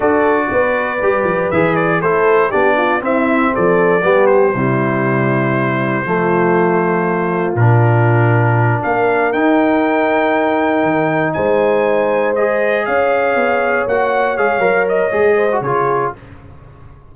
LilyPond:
<<
  \new Staff \with { instrumentName = "trumpet" } { \time 4/4 \tempo 4 = 119 d''2. e''8 d''8 | c''4 d''4 e''4 d''4~ | d''8 c''2.~ c''8~ | c''2. ais'4~ |
ais'4. f''4 g''4.~ | g''2~ g''8 gis''4.~ | gis''8 dis''4 f''2 fis''8~ | fis''8 f''4 dis''4. cis''4 | }
  \new Staff \with { instrumentName = "horn" } { \time 4/4 a'4 b'2. | a'4 g'8 f'8 e'4 a'4 | g'4 e'2. | f'1~ |
f'4. ais'2~ ais'8~ | ais'2~ ais'8 c''4.~ | c''4. cis''2~ cis''8~ | cis''2~ cis''8 c''8 gis'4 | }
  \new Staff \with { instrumentName = "trombone" } { \time 4/4 fis'2 g'4 gis'4 | e'4 d'4 c'2 | b4 g2. | a2. d'4~ |
d'2~ d'8 dis'4.~ | dis'1~ | dis'8 gis'2. fis'8~ | fis'8 gis'8 ais'4 gis'8. fis'16 f'4 | }
  \new Staff \with { instrumentName = "tuba" } { \time 4/4 d'4 b4 g8 f8 e4 | a4 b4 c'4 f4 | g4 c2. | f2. ais,4~ |
ais,4. ais4 dis'4.~ | dis'4. dis4 gis4.~ | gis4. cis'4 b4 ais8~ | ais8 gis8 fis4 gis4 cis4 | }
>>